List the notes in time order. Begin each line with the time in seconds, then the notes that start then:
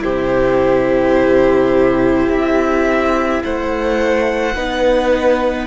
0.00 C3 E4 G4 C5
2.28 C4 E5
3.44 A3 C5 F#5
4.55 B3 D#4 B4